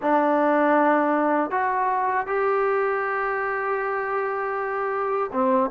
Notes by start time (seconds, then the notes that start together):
0.01 D4
1.51 F#4
2.26 G4
5.32 C4